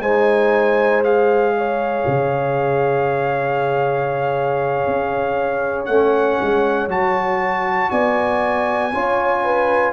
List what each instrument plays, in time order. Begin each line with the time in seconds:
0.00 tuba G#3, trombone D#4, horn C5, trumpet G#5
1.04 trombone G#4, trumpet F5
1.57 horn C#5
2.07 tuba C#3
4.87 tuba C#4
5.86 tuba A3, trombone C#4, trumpet F#5
6.41 tuba G#3
6.88 tuba F#3, trombone F#4, trumpet A5
7.91 tuba B3, horn D5, trumpet G#5
8.93 tuba C#4, trombone F4, horn C#5
9.44 horn B4